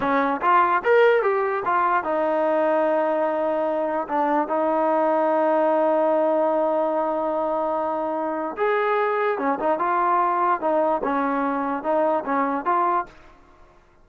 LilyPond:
\new Staff \with { instrumentName = "trombone" } { \time 4/4 \tempo 4 = 147 cis'4 f'4 ais'4 g'4 | f'4 dis'2.~ | dis'2 d'4 dis'4~ | dis'1~ |
dis'1~ | dis'4 gis'2 cis'8 dis'8 | f'2 dis'4 cis'4~ | cis'4 dis'4 cis'4 f'4 | }